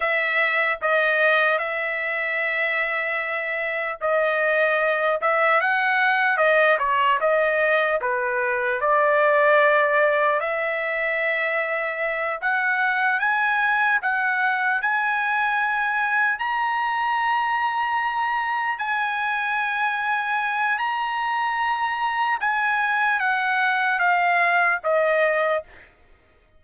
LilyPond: \new Staff \with { instrumentName = "trumpet" } { \time 4/4 \tempo 4 = 75 e''4 dis''4 e''2~ | e''4 dis''4. e''8 fis''4 | dis''8 cis''8 dis''4 b'4 d''4~ | d''4 e''2~ e''8 fis''8~ |
fis''8 gis''4 fis''4 gis''4.~ | gis''8 ais''2. gis''8~ | gis''2 ais''2 | gis''4 fis''4 f''4 dis''4 | }